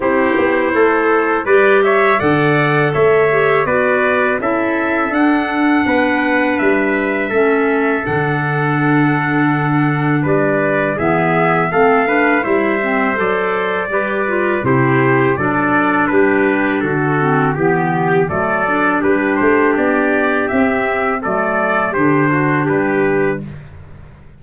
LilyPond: <<
  \new Staff \with { instrumentName = "trumpet" } { \time 4/4 \tempo 4 = 82 c''2 d''8 e''8 fis''4 | e''4 d''4 e''4 fis''4~ | fis''4 e''2 fis''4~ | fis''2 d''4 e''4 |
f''4 e''4 d''2 | c''4 d''4 b'4 a'4 | g'4 d''4 b'8 c''8 d''4 | e''4 d''4 c''4 b'4 | }
  \new Staff \with { instrumentName = "trumpet" } { \time 4/4 g'4 a'4 b'8 cis''8 d''4 | cis''4 b'4 a'2 | b'2 a'2~ | a'2 b'4 gis'4 |
a'8 b'8 c''2 b'4 | g'4 a'4 g'4 fis'4 | g'4 a'4 g'2~ | g'4 a'4 g'8 fis'8 g'4 | }
  \new Staff \with { instrumentName = "clarinet" } { \time 4/4 e'2 g'4 a'4~ | a'8 g'8 fis'4 e'4 d'4~ | d'2 cis'4 d'4~ | d'2. b4 |
c'8 d'8 e'8 c'8 a'4 g'8 f'8 | e'4 d'2~ d'8 c'8 | b4 a8 d'2~ d'8 | c'4 a4 d'2 | }
  \new Staff \with { instrumentName = "tuba" } { \time 4/4 c'8 b8 a4 g4 d4 | a4 b4 cis'4 d'4 | b4 g4 a4 d4~ | d2 g4 e4 |
a4 g4 fis4 g4 | c4 fis4 g4 d4 | e4 fis4 g8 a8 b4 | c'4 fis4 d4 g4 | }
>>